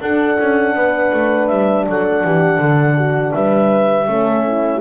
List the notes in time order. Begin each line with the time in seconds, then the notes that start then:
0.00 D4 A4 F#5
0.39 C#4
0.74 B3 B4
1.12 A3
1.47 G3 E5
1.89 F#3 A4 F#5
2.24 E3 G4
2.58 D3 A4
2.96 F#4
3.33 G3 B4 E5
4.07 A3 C#4 A4
4.47 E4